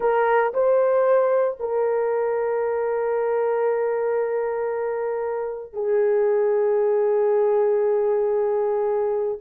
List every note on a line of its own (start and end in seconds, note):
0.00 0.52 A#4
0.53 1.57 C5
1.59 5.73 A#4
5.73 9.38 G#4